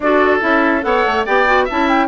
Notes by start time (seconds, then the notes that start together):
0.00 D4 F#4 A4 D5
0.40 C#4 E4 E5
0.82 B3 A4 C#5 F#5
1.05 A3
1.25 B3 G4 D5 G5
1.46 F#4
1.64 E4 E5 A5
1.71 C#4
1.89 G5